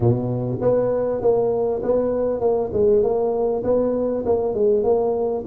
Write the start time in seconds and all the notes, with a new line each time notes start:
0.00 B2
0.61 B3
1.21 A#3
1.82 B3
2.40 A#3
2.72 G#3
3.02 A#3
3.63 B3
4.25 A#3
4.54 G#3
4.83 A#3